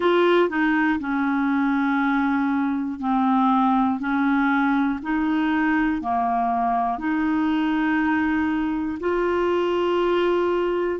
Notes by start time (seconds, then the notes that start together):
0.00 F4
0.49 D#4
1.00 C#4
3.00 C4
3.99 C#4
5.02 D#4
6.01 A#3
6.98 D#4
9.00 F4